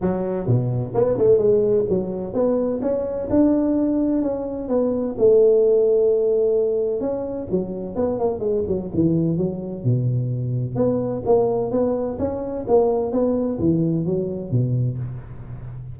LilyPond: \new Staff \with { instrumentName = "tuba" } { \time 4/4 \tempo 4 = 128 fis4 b,4 b8 a8 gis4 | fis4 b4 cis'4 d'4~ | d'4 cis'4 b4 a4~ | a2. cis'4 |
fis4 b8 ais8 gis8 fis8 e4 | fis4 b,2 b4 | ais4 b4 cis'4 ais4 | b4 e4 fis4 b,4 | }